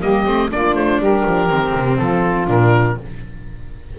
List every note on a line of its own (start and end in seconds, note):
0.00 0.26 G3
0.00 0.26 A#3
0.00 0.49 G4
0.00 0.50 D#5
0.26 0.52 A3
0.26 0.50 C4
0.51 0.76 A#3
0.51 1.49 D4
0.51 1.00 F4
0.51 0.76 D5
0.76 0.99 A3
0.76 1.00 C5
0.99 1.23 G3
0.99 1.99 G4
0.99 1.98 A#4
1.26 1.50 F3
1.49 1.74 D#3
1.49 2.46 C4
1.75 1.99 C3
1.98 2.47 F3
1.98 2.98 F4
1.98 2.47 A4
2.46 2.97 A#2
2.46 2.95 D4
2.46 2.98 A#4